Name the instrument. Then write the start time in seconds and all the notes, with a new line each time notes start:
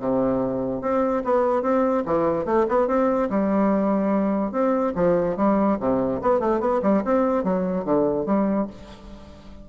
bassoon
0.00 C3
0.82 C4
1.25 B3
1.63 C4
2.06 E3
2.46 A3
2.69 B3
2.88 C4
3.30 G3
4.52 C4
4.95 F3
5.37 G3
5.80 C3
6.22 B3
6.40 A3
6.61 B3
6.83 G3
7.05 C4
7.44 F#3
7.85 D3
8.26 G3